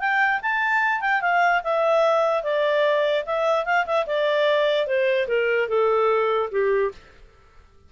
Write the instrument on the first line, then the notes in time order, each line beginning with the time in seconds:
clarinet
0.00 G5
0.43 A5
1.01 G5
1.22 F5
1.64 E5
2.44 D5
3.26 E5
3.66 F5
3.86 E5
4.07 D5
4.87 C5
5.28 A#4
5.69 A4
6.51 G4